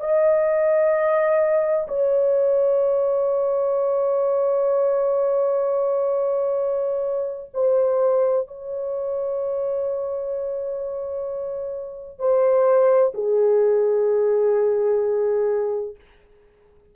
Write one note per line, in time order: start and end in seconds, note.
0.00 1.87 D#5
1.88 7.50 C#5
7.54 8.48 C5
8.48 12.19 C#5
12.19 13.12 C5
13.14 15.95 G#4